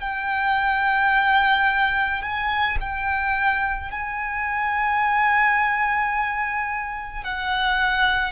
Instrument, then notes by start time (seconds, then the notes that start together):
violin
0.00 G5
2.22 G#5
2.80 G5
3.91 G#5
7.24 F#5